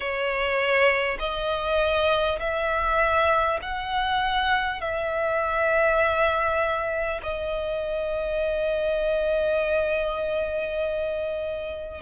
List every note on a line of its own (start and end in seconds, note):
0.00 1.17 C#5
1.19 2.39 D#5
2.39 3.59 E5
3.62 4.80 F#5
4.80 7.20 E5
7.22 12.01 D#5